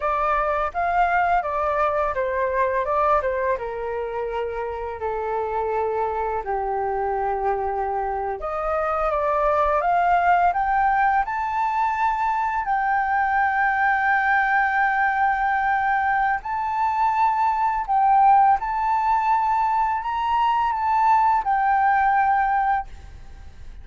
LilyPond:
\new Staff \with { instrumentName = "flute" } { \time 4/4 \tempo 4 = 84 d''4 f''4 d''4 c''4 | d''8 c''8 ais'2 a'4~ | a'4 g'2~ g'8. dis''16~ | dis''8. d''4 f''4 g''4 a''16~ |
a''4.~ a''16 g''2~ g''16~ | g''2. a''4~ | a''4 g''4 a''2 | ais''4 a''4 g''2 | }